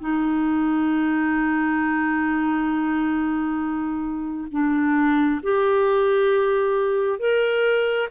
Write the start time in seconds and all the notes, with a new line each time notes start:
0.00 D#4
4.51 D4
5.43 G4
7.19 A#4